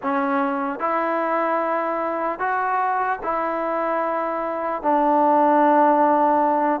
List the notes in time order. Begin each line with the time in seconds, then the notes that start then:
0.02 C#4
0.79 E4
2.39 F#4
3.23 E4
4.82 D4